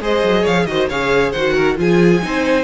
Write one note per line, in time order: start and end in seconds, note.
0.00 0.22 G#3
0.00 0.68 G#4
0.00 0.41 C5
0.00 0.46 D#5
0.23 0.45 F#3
0.41 0.66 F3
0.41 0.64 C#5
0.41 0.66 F5
0.66 0.88 D#3
0.66 0.90 F#4
0.66 0.89 C5
0.66 0.88 D#5
0.89 1.33 C#3
0.89 1.36 G#4
0.89 1.32 C#5
0.89 1.32 F5
1.32 1.78 D#3
1.32 1.76 F#4
1.32 1.54 C5
1.32 1.76 F#5
1.54 1.76 A#4
1.76 2.22 F3
1.76 2.21 F4
1.76 2.24 G#4
1.76 2.63 G#5
2.22 2.63 C4
2.22 2.63 D#4
2.22 2.63 C5